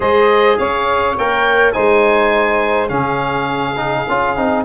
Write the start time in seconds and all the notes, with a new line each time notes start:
0.00 G#3 G#4 C5 D#5
0.58 C#4 C#5 F5
1.17 A#3 A#4 G5
1.72 G#3 D#4 C5 G#5
2.88 C#3 C#4 G#4 F5
3.76 D#4
4.08 C#4 F4
4.36 C4 D#4